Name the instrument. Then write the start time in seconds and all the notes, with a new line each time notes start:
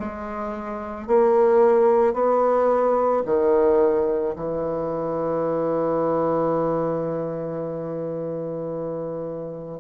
bassoon
0.00 G#3
1.08 A#3
2.14 B3
3.26 D#3
4.36 E3